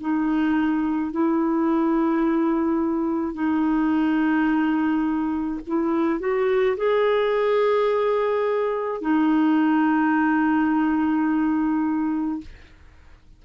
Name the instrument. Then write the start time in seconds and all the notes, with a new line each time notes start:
clarinet
0.00 D#4
1.11 E4
3.33 D#4
5.67 E4
6.20 F#4
6.77 G#4
9.01 D#4